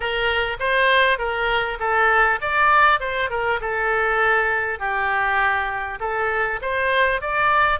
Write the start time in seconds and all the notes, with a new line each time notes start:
0.00 A#4
0.59 C5
1.18 A#4
1.79 A4
2.41 D5
3.00 C5
3.29 A#4
3.60 A4
4.79 G4
6.00 A4
6.61 C5
7.21 D5